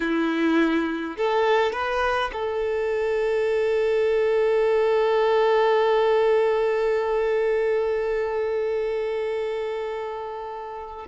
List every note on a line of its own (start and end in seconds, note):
0.00 1.17 E4
1.17 1.72 A4
1.72 2.30 B4
2.32 11.06 A4